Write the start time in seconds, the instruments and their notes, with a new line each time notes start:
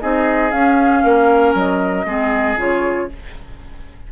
0.00 bassoon C4, clarinet D#4, oboe G#4, flute D#5
0.51 bassoon C#4, clarinet C#4, flute F5
1.04 bassoon A#3, oboe A#4
1.54 bassoon F#3, flute D#5
2.05 bassoon G#3, clarinet C4, oboe G#4
2.57 bassoon C#3, clarinet F4, flute C#5